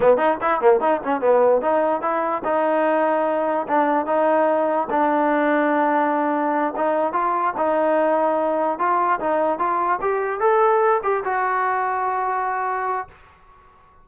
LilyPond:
\new Staff \with { instrumentName = "trombone" } { \time 4/4 \tempo 4 = 147 b8 dis'8 e'8 ais8 dis'8 cis'8 b4 | dis'4 e'4 dis'2~ | dis'4 d'4 dis'2 | d'1~ |
d'8 dis'4 f'4 dis'4.~ | dis'4. f'4 dis'4 f'8~ | f'8 g'4 a'4. g'8 fis'8~ | fis'1 | }